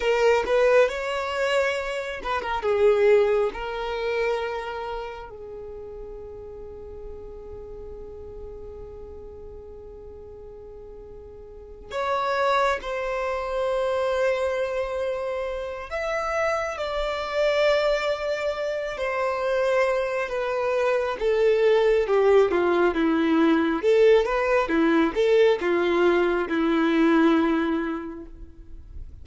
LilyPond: \new Staff \with { instrumentName = "violin" } { \time 4/4 \tempo 4 = 68 ais'8 b'8 cis''4. b'16 ais'16 gis'4 | ais'2 gis'2~ | gis'1~ | gis'4. cis''4 c''4.~ |
c''2 e''4 d''4~ | d''4. c''4. b'4 | a'4 g'8 f'8 e'4 a'8 b'8 | e'8 a'8 f'4 e'2 | }